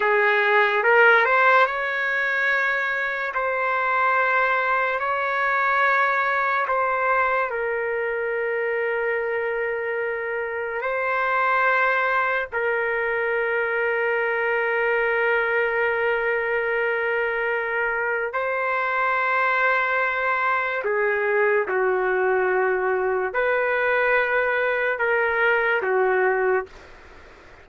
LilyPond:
\new Staff \with { instrumentName = "trumpet" } { \time 4/4 \tempo 4 = 72 gis'4 ais'8 c''8 cis''2 | c''2 cis''2 | c''4 ais'2.~ | ais'4 c''2 ais'4~ |
ais'1~ | ais'2 c''2~ | c''4 gis'4 fis'2 | b'2 ais'4 fis'4 | }